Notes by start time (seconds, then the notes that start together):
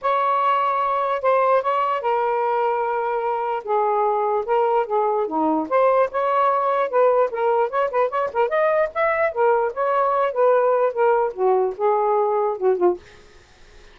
0.01 C#5
1.22 C5
1.62 C#5
2.01 A#4
3.63 G#4
4.45 A#4
4.86 G#4
5.27 D#4
5.69 C5
6.11 C#5
6.89 B4
7.30 A#4
7.69 C#5
7.91 B4
8.09 C#5
8.33 A#4
8.48 D#5
8.94 E5
9.32 A#4
9.73 C#5
10.32 B4
10.92 A#4
11.33 F#4
11.77 G#4
12.57 F#4
12.77 F4